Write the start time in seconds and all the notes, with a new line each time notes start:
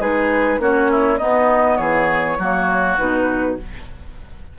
0.00 G#3 D#4 G#4 B4
0.59 A#3 C#4 F#4 C#5
0.91 E4
1.18 B3 D#4 D#5
1.77 E3 G#4 C#5
2.38 F#3 A#3 F#4
2.98 B2 D#4 B4